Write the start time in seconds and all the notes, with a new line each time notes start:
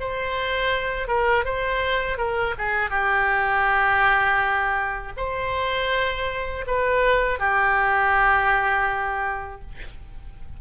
0.00 C5
1.08 A#4
1.45 C5
2.18 A#4
2.58 G#4
2.90 G4
5.17 C5
6.67 B4
7.39 G4